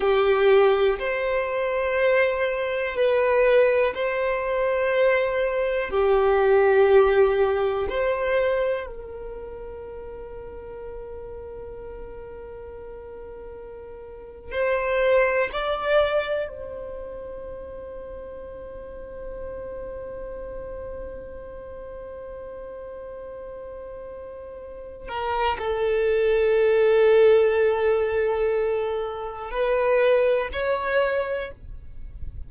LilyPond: \new Staff \with { instrumentName = "violin" } { \time 4/4 \tempo 4 = 61 g'4 c''2 b'4 | c''2 g'2 | c''4 ais'2.~ | ais'2~ ais'8. c''4 d''16~ |
d''8. c''2.~ c''16~ | c''1~ | c''4. ais'8 a'2~ | a'2 b'4 cis''4 | }